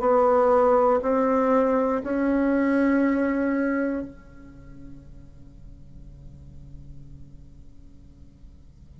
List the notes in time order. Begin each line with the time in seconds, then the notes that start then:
0.00 B3
1.03 C4
2.04 C#4
4.03 C#3